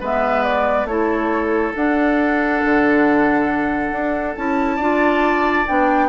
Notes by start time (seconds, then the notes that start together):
0.00 G#3 B3 B4 E5
0.43 D5
0.85 A3 E4 A4 C#5
1.76 D4 F#5
2.65 D3
3.91 D4
4.36 C#4 E4 A5
4.76 D4 F4 D5
5.66 B3 D4 G5